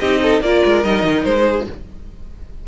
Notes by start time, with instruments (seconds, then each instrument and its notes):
0.00 cello C4, viola D#4, violin G4 D#5
0.23 violin A4
0.41 cello A#3, viola F4, violin A#4 D5
0.65 cello G#3
0.84 cello G3, viola D#4, violin D#5
1.04 cello D#3
1.25 cello G#3, violin C5
1.46 violin G#4